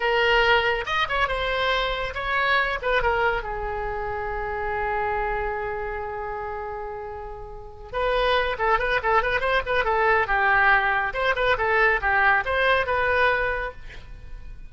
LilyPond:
\new Staff \with { instrumentName = "oboe" } { \time 4/4 \tempo 4 = 140 ais'2 dis''8 cis''8 c''4~ | c''4 cis''4. b'8 ais'4 | gis'1~ | gis'1~ |
gis'2~ gis'8 b'4. | a'8 b'8 a'8 b'8 c''8 b'8 a'4 | g'2 c''8 b'8 a'4 | g'4 c''4 b'2 | }